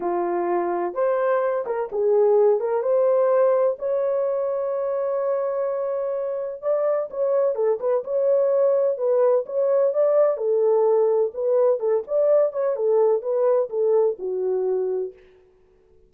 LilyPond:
\new Staff \with { instrumentName = "horn" } { \time 4/4 \tempo 4 = 127 f'2 c''4. ais'8 | gis'4. ais'8 c''2 | cis''1~ | cis''2 d''4 cis''4 |
a'8 b'8 cis''2 b'4 | cis''4 d''4 a'2 | b'4 a'8 d''4 cis''8 a'4 | b'4 a'4 fis'2 | }